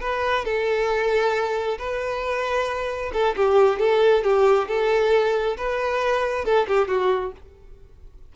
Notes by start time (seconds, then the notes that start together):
0.00 B4
0.44 A4
1.78 B4
3.13 A4
3.36 G4
3.79 A4
4.23 G4
4.68 A4
5.57 B4
6.44 A4
6.67 G4
6.88 F#4